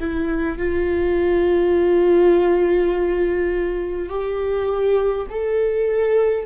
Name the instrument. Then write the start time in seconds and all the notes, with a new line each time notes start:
viola
0.00 E4
0.58 F4
4.10 G4
5.30 A4